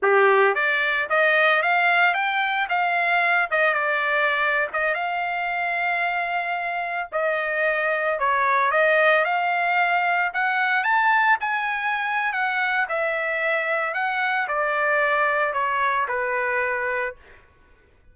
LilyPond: \new Staff \with { instrumentName = "trumpet" } { \time 4/4 \tempo 4 = 112 g'4 d''4 dis''4 f''4 | g''4 f''4. dis''8 d''4~ | d''8. dis''8 f''2~ f''8.~ | f''4~ f''16 dis''2 cis''8.~ |
cis''16 dis''4 f''2 fis''8.~ | fis''16 a''4 gis''4.~ gis''16 fis''4 | e''2 fis''4 d''4~ | d''4 cis''4 b'2 | }